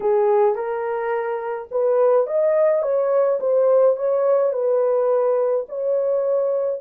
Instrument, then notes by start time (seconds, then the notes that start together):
horn
0.00 G#4
0.55 A#4
1.71 B4
2.26 D#5
2.82 C#5
3.40 C5
3.96 C#5
4.52 B4
5.69 C#5